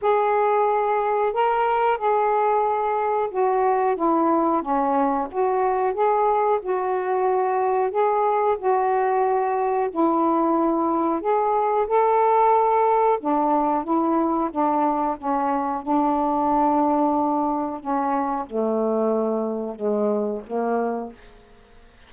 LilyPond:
\new Staff \with { instrumentName = "saxophone" } { \time 4/4 \tempo 4 = 91 gis'2 ais'4 gis'4~ | gis'4 fis'4 e'4 cis'4 | fis'4 gis'4 fis'2 | gis'4 fis'2 e'4~ |
e'4 gis'4 a'2 | d'4 e'4 d'4 cis'4 | d'2. cis'4 | a2 gis4 ais4 | }